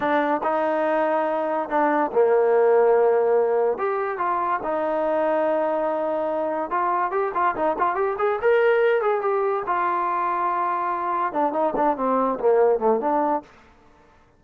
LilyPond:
\new Staff \with { instrumentName = "trombone" } { \time 4/4 \tempo 4 = 143 d'4 dis'2. | d'4 ais2.~ | ais4 g'4 f'4 dis'4~ | dis'1 |
f'4 g'8 f'8 dis'8 f'8 g'8 gis'8 | ais'4. gis'8 g'4 f'4~ | f'2. d'8 dis'8 | d'8 c'4 ais4 a8 d'4 | }